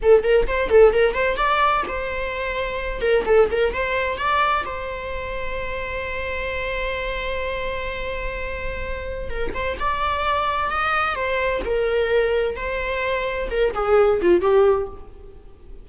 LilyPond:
\new Staff \with { instrumentName = "viola" } { \time 4/4 \tempo 4 = 129 a'8 ais'8 c''8 a'8 ais'8 c''8 d''4 | c''2~ c''8 ais'8 a'8 ais'8 | c''4 d''4 c''2~ | c''1~ |
c''1 | ais'8 c''8 d''2 dis''4 | c''4 ais'2 c''4~ | c''4 ais'8 gis'4 f'8 g'4 | }